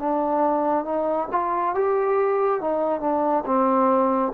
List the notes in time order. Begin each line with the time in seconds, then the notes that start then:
0.00 D4
0.85 D#4
1.32 F4
1.75 G4
2.61 D#4
3.01 D4
3.46 C4